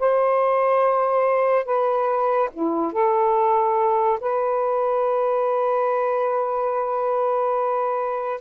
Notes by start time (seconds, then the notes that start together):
0.00 C5
1.66 B4
2.54 E4
2.93 A4
4.21 B4